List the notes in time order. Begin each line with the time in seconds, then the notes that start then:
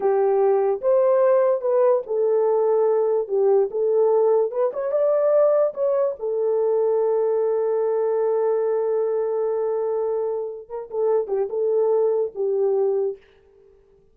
0.00 G4
0.81 C5
1.61 B4
2.06 A4
3.28 G4
3.70 A4
4.51 B4
4.73 C#5
4.91 D5
5.73 C#5
6.19 A4
10.68 A#4
10.90 A4
11.27 G4
11.49 A4
12.35 G4